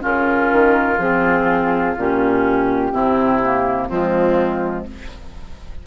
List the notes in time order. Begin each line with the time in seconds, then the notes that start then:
0.00 C#3 C#4 F4 A#4
0.52 D#3
0.97 F3 C4 G#4
1.97 A#2 C#4 G4
2.92 C3 C4 E4
3.42 A#3
3.88 F3 G#3 C4 F4